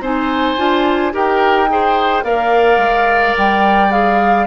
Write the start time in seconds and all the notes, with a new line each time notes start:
0.00 C4 D#4 C5 G#5
0.57 D4 F4
1.12 D#4 G4 A#4 G5
1.69 G#4 C5
2.23 A#3 A#4 D5 F5
2.78 G#3
3.37 G3 G5
3.90 G#4 F5